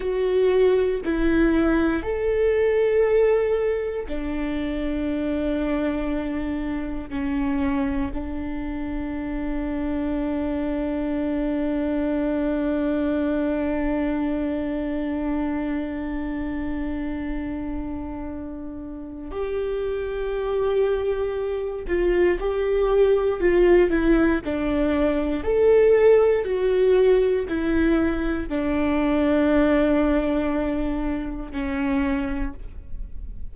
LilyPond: \new Staff \with { instrumentName = "viola" } { \time 4/4 \tempo 4 = 59 fis'4 e'4 a'2 | d'2. cis'4 | d'1~ | d'1~ |
d'2. g'4~ | g'4. f'8 g'4 f'8 e'8 | d'4 a'4 fis'4 e'4 | d'2. cis'4 | }